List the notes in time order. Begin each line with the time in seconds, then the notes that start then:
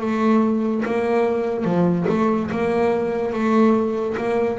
0.00 A3
0.85 A#3
1.64 F3
2.09 A3
2.51 A#3
3.32 A3
4.17 A#3